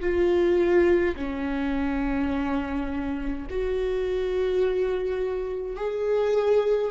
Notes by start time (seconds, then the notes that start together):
0.00 F4
1.16 C#4
3.50 F#4
5.76 G#4